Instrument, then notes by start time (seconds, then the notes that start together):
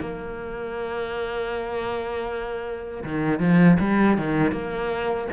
cello
0.00 A#3
3.04 D#3
3.40 F3
3.80 G3
4.18 D#3
4.52 A#3